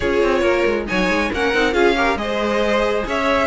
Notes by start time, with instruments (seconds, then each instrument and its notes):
0.00 cello C#4, viola F4, violin G#4 C#5
0.22 cello C4
0.41 cello A#3, violin A#4
0.65 cello G#3
0.86 cello F#3, viola D#4, violin C#5 G#5
1.08 cello G#3
1.32 cello A#3, viola C#4, violin A#4 F#5
1.53 cello C4, viola D#4
1.72 cello C#4, viola F4, violin G#4 F5
1.96 viola G4, violin A#4
2.15 cello G#3, viola G#4, violin D#5
2.22 violin C5
3.06 cello C#4, violin C#5 E5